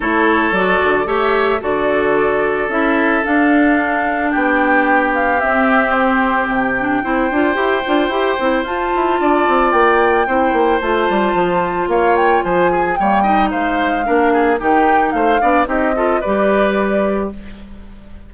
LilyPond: <<
  \new Staff \with { instrumentName = "flute" } { \time 4/4 \tempo 4 = 111 cis''4 d''4 e''4 d''4~ | d''4 e''4 f''2 | g''4. f''8 e''4 c''4 | g''1 |
a''2 g''2 | a''2 f''8 g''8 gis''4 | g''4 f''2 g''4 | f''4 dis''4 d''2 | }
  \new Staff \with { instrumentName = "oboe" } { \time 4/4 a'2 cis''4 a'4~ | a'1 | g'1~ | g'4 c''2.~ |
c''4 d''2 c''4~ | c''2 cis''4 c''8 gis'8 | cis''8 dis''8 c''4 ais'8 gis'8 g'4 | c''8 d''8 g'8 a'8 b'2 | }
  \new Staff \with { instrumentName = "clarinet" } { \time 4/4 e'4 fis'4 g'4 fis'4~ | fis'4 e'4 d'2~ | d'2 c'2~ | c'8 d'8 e'8 f'8 g'8 f'8 g'8 e'8 |
f'2. e'4 | f'1 | ais8 dis'4. d'4 dis'4~ | dis'8 d'8 dis'8 f'8 g'2 | }
  \new Staff \with { instrumentName = "bassoon" } { \time 4/4 a4 fis8 d8 a4 d4~ | d4 cis'4 d'2 | b2 c'2 | c4 c'8 d'8 e'8 d'8 e'8 c'8 |
f'8 e'8 d'8 c'8 ais4 c'8 ais8 | a8 g8 f4 ais4 f4 | g4 gis4 ais4 dis4 | a8 b8 c'4 g2 | }
>>